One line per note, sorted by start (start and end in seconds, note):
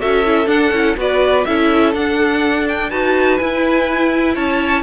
0.00 0.47 C#4
0.00 0.24 F#4
0.00 0.97 A4
0.00 0.48 E5
0.25 0.47 E4
0.47 0.71 D4
0.47 0.96 F#5
0.71 0.95 C#4
0.71 0.97 E4
0.97 1.45 B3
0.97 1.45 F#4
0.97 1.47 B4
0.97 1.44 D5
1.44 1.95 C#4
1.44 1.94 E4
1.44 2.90 A4
1.44 1.93 E5
1.94 2.91 D4
1.94 2.92 D4
1.94 2.68 F#5
2.68 2.90 G5
2.90 3.40 D#4
2.90 3.39 F#4
2.90 4.35 B4
2.90 3.38 A5
3.38 4.83 E4
3.38 4.36 E4
3.38 4.35 G#5
4.35 4.83 C#4
4.35 4.83 C#5
4.35 4.83 A5